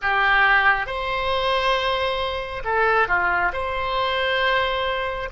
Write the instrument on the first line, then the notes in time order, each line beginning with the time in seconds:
oboe
0.02 G4
0.86 C5
2.64 A4
3.08 F4
3.53 C5